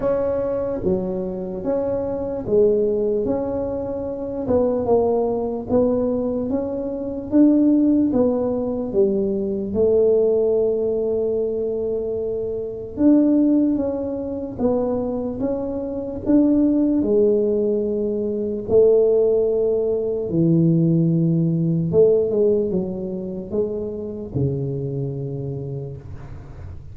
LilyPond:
\new Staff \with { instrumentName = "tuba" } { \time 4/4 \tempo 4 = 74 cis'4 fis4 cis'4 gis4 | cis'4. b8 ais4 b4 | cis'4 d'4 b4 g4 | a1 |
d'4 cis'4 b4 cis'4 | d'4 gis2 a4~ | a4 e2 a8 gis8 | fis4 gis4 cis2 | }